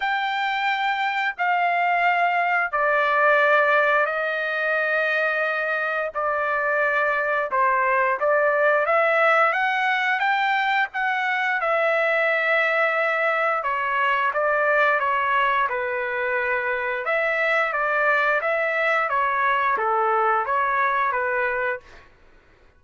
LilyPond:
\new Staff \with { instrumentName = "trumpet" } { \time 4/4 \tempo 4 = 88 g''2 f''2 | d''2 dis''2~ | dis''4 d''2 c''4 | d''4 e''4 fis''4 g''4 |
fis''4 e''2. | cis''4 d''4 cis''4 b'4~ | b'4 e''4 d''4 e''4 | cis''4 a'4 cis''4 b'4 | }